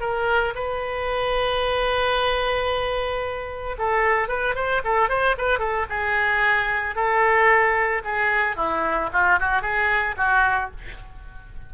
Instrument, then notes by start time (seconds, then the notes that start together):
oboe
0.00 A#4
0.55 B4
3.78 A4
4.28 B4
4.55 C5
4.84 A4
5.09 C5
5.37 B4
5.59 A4
5.89 G#4
6.95 A4
8.04 G#4
8.56 E4
9.12 F4
9.39 F#4
9.61 G#4
10.17 F#4